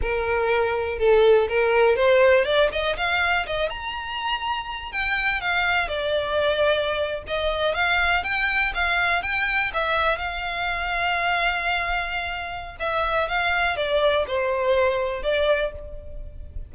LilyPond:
\new Staff \with { instrumentName = "violin" } { \time 4/4 \tempo 4 = 122 ais'2 a'4 ais'4 | c''4 d''8 dis''8 f''4 dis''8 ais''8~ | ais''2 g''4 f''4 | d''2~ d''8. dis''4 f''16~ |
f''8. g''4 f''4 g''4 e''16~ | e''8. f''2.~ f''16~ | f''2 e''4 f''4 | d''4 c''2 d''4 | }